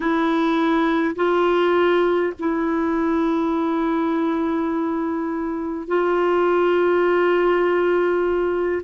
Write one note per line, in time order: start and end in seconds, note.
0.00 1.15 E4
1.15 2.33 F4
2.39 5.87 E4
5.87 8.81 F4